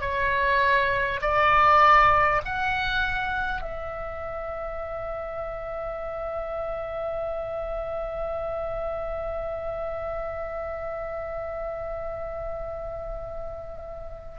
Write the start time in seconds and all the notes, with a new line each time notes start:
0.00 C#5
1.21 D5
2.45 F#5
3.61 E5